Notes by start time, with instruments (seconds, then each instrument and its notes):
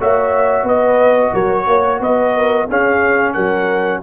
0.00 tuba A#3, trombone F#4, horn C#5, trumpet E5
0.64 tuba B3, horn B4, trumpet D#5
1.33 tuba F#3, horn A#4, trumpet C#5
1.67 tuba A#3, horn C#5
2.01 tuba B3, horn B4, trumpet D#5
2.36 horn A#4
2.69 trombone C#4, tuba C#4, horn G#4, trumpet F5
3.34 tuba F#3, horn A#4, trumpet F#5